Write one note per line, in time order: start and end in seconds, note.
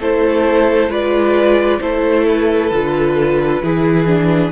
0.00 0.88 A3
0.00 0.90 E4
0.00 0.90 A4
0.00 0.92 C5
0.88 1.79 G#3
0.88 1.81 F4
0.88 1.81 B4
0.88 1.81 D5
1.81 2.71 A3
1.81 2.72 E4
1.81 3.63 A4
1.81 2.26 C5
2.29 4.52 B4
2.71 3.62 D3
2.71 3.63 F4
3.62 4.52 E3
3.62 4.07 E4
3.62 4.52 G#4
4.07 4.52 D4